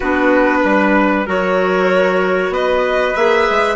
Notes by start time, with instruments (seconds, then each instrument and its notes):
0.00 bassoon B3, clarinet D4, trumpet F#4, violin B4
0.63 bassoon G3, trumpet B4
1.26 bassoon F#3, clarinet F#4, trumpet A#4, violin C#5
2.49 bassoon B3, trumpet B4, violin D#5
3.15 bassoon A#3, clarinet G#4, violin E5
3.50 bassoon G#3